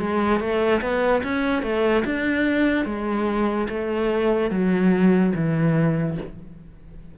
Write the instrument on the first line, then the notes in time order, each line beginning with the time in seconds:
cello
0.00 G#3
0.40 A3
0.82 B3
1.24 C#4
1.63 A3
2.05 D4
2.86 G#3
3.69 A3
4.51 F#3
5.36 E3